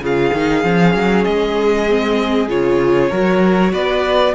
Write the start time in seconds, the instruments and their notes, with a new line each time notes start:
0.00 cello C#3, viola F4, violin G#4 F5
0.33 cello D#3, viola D#4
0.63 cello F3, viola C#4
0.94 cello F#3
1.24 cello G#3, violin D#5
1.89 viola C4
2.48 cello C#3, viola F4, violin C#5
3.10 cello F#3, viola F#4, violin A#4
3.72 cello B3, violin B4 D5